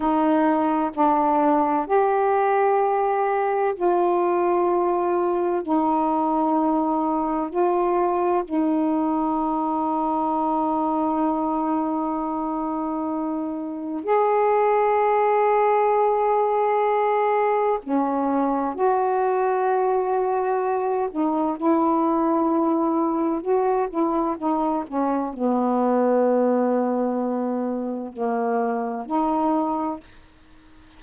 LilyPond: \new Staff \with { instrumentName = "saxophone" } { \time 4/4 \tempo 4 = 64 dis'4 d'4 g'2 | f'2 dis'2 | f'4 dis'2.~ | dis'2. gis'4~ |
gis'2. cis'4 | fis'2~ fis'8 dis'8 e'4~ | e'4 fis'8 e'8 dis'8 cis'8 b4~ | b2 ais4 dis'4 | }